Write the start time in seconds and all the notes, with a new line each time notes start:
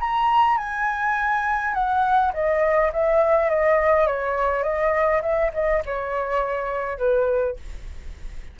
0.00 A#5
0.57 G#5
1.74 F#5
2.34 D#5
2.93 E5
3.50 D#5
4.07 C#5
4.63 D#5
5.22 E5
5.54 D#5
5.86 C#5
6.98 B4